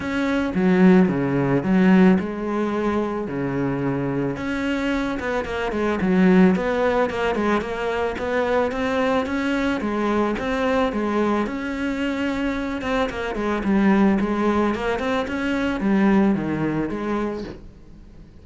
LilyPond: \new Staff \with { instrumentName = "cello" } { \time 4/4 \tempo 4 = 110 cis'4 fis4 cis4 fis4 | gis2 cis2 | cis'4. b8 ais8 gis8 fis4 | b4 ais8 gis8 ais4 b4 |
c'4 cis'4 gis4 c'4 | gis4 cis'2~ cis'8 c'8 | ais8 gis8 g4 gis4 ais8 c'8 | cis'4 g4 dis4 gis4 | }